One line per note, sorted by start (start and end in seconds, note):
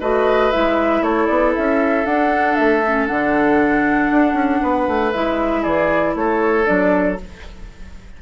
0.00 0.52 A3
0.00 0.51 F#4
0.00 1.03 B4
0.00 0.51 D#5
0.51 1.01 G#3
0.51 2.05 E4
0.51 1.02 E5
1.01 1.27 A3
1.01 4.61 A4
1.01 1.26 C#5
1.26 1.55 B3
1.26 1.52 D5
1.55 2.05 C#4
1.55 2.06 E5
2.05 2.56 D4
2.05 2.83 D4
2.05 2.55 F#5
2.55 3.10 A3
2.55 3.07 E5
2.86 3.07 C#4
3.07 4.10 D3
3.07 5.12 D4
3.07 5.12 F#5
4.10 4.33 D4
4.33 4.59 C#4
4.61 4.87 B3
4.61 5.61 B4
4.87 5.13 A3
5.12 5.64 G#3
5.12 6.64 E4
5.12 5.63 E5
5.61 6.15 E3
5.61 6.13 G#4
5.61 6.14 D5
6.15 6.66 A3
6.15 7.21 A4
6.15 6.66 C#5
6.64 7.20 F#3
6.64 7.16 D4
6.64 7.17 D5